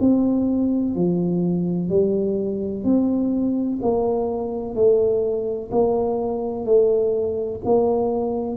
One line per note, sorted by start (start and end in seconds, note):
0.00 0.95 C4
0.95 1.89 F3
1.89 2.84 G3
2.84 3.79 C4
3.82 4.75 A#3
4.75 5.70 A3
5.71 6.65 A#3
6.65 7.61 A3
7.65 8.57 A#3